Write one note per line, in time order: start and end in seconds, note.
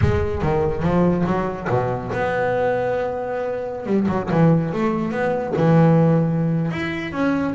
0.01 0.42 G#3
0.42 0.83 D#3
0.83 1.25 F3
1.26 1.68 F#3
1.69 2.11 B2
2.12 3.86 B3
3.86 4.07 G3
4.08 4.29 F#3
4.30 4.72 E3
4.73 5.11 A3
5.11 5.53 B3
5.56 6.71 E3
6.71 7.12 E4
7.12 7.54 C#4